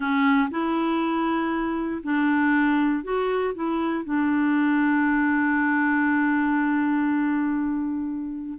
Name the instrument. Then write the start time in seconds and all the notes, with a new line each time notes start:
clarinet
0.00 C#4
0.50 E4
2.03 D4
3.03 F#4
3.54 E4
4.04 D4